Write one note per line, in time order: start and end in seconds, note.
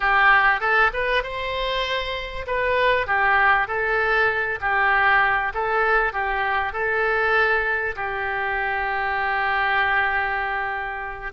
0.00 0.60 G4
0.60 0.90 A4
0.93 1.23 B4
1.23 2.45 C5
2.47 3.06 B4
3.06 3.67 G4
3.67 4.59 A4
4.61 5.52 G4
5.54 6.12 A4
6.12 6.72 G4
6.72 7.95 A4
7.95 11.32 G4